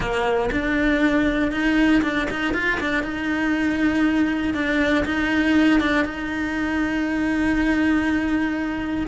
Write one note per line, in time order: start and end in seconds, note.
0.00 0.50 A#3
0.51 1.51 D4
1.51 2.02 D#4
2.02 2.27 D4
2.30 2.54 D#4
2.54 2.79 F4
2.80 3.03 D4
3.03 4.54 D#4
4.54 5.04 D4
5.05 5.80 D#4
5.80 6.04 D4
6.04 9.07 D#4